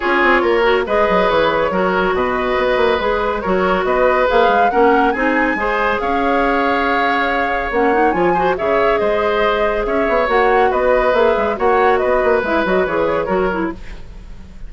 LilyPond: <<
  \new Staff \with { instrumentName = "flute" } { \time 4/4 \tempo 4 = 140 cis''2 dis''4 cis''4~ | cis''4 dis''2 b'4 | cis''4 dis''4 f''4 fis''4 | gis''2 f''2~ |
f''2 fis''4 gis''4 | e''4 dis''2 e''4 | fis''4 dis''4 e''4 fis''4 | dis''4 e''8 dis''8 cis''2 | }
  \new Staff \with { instrumentName = "oboe" } { \time 4/4 gis'4 ais'4 b'2 | ais'4 b'2. | ais'4 b'2 ais'4 | gis'4 c''4 cis''2~ |
cis''2.~ cis''8 c''8 | cis''4 c''2 cis''4~ | cis''4 b'2 cis''4 | b'2. ais'4 | }
  \new Staff \with { instrumentName = "clarinet" } { \time 4/4 f'4. fis'8 gis'2 | fis'2. gis'4 | fis'2 gis'4 cis'4 | dis'4 gis'2.~ |
gis'2 cis'8 dis'8 f'8 fis'8 | gis'1 | fis'2 gis'4 fis'4~ | fis'4 e'8 fis'8 gis'4 fis'8 e'8 | }
  \new Staff \with { instrumentName = "bassoon" } { \time 4/4 cis'8 c'8 ais4 gis8 fis8 e4 | fis4 b,4 b8 ais8 gis4 | fis4 b4 ais8 gis8 ais4 | c'4 gis4 cis'2~ |
cis'2 ais4 f4 | cis4 gis2 cis'8 b8 | ais4 b4 ais8 gis8 ais4 | b8 ais8 gis8 fis8 e4 fis4 | }
>>